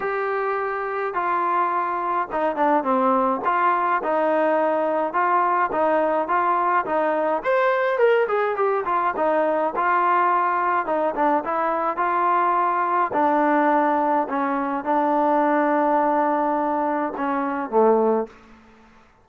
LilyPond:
\new Staff \with { instrumentName = "trombone" } { \time 4/4 \tempo 4 = 105 g'2 f'2 | dis'8 d'8 c'4 f'4 dis'4~ | dis'4 f'4 dis'4 f'4 | dis'4 c''4 ais'8 gis'8 g'8 f'8 |
dis'4 f'2 dis'8 d'8 | e'4 f'2 d'4~ | d'4 cis'4 d'2~ | d'2 cis'4 a4 | }